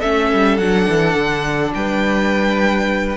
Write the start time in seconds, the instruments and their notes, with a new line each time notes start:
0.00 cello A3, viola C#4, violin A4 E5
0.33 cello G3
0.58 cello F#3, viola D4, violin F#5
0.88 cello E3
1.15 cello D3
1.74 cello G3, violin B4 G5